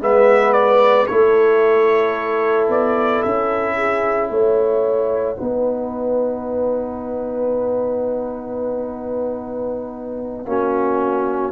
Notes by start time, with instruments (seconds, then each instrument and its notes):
0.00 tuba G#3, trombone B3, horn B4, trumpet E5
0.53 trumpet D5
1.07 tuba A3, trombone E4, horn A4, trumpet C#5
2.69 tuba B3, trumpet D5
3.23 tuba C#4, trumpet E5
3.76 horn G#4
4.27 tuba A3, horn C#5, trumpet F#5
5.37 tuba B3, trombone D#4, horn B4
10.46 tuba A#3, trombone C#4, horn F#4